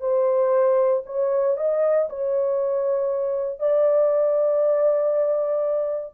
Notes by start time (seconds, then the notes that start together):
0.00 C5
1.06 C#5
1.57 D#5
2.09 C#5
3.59 D5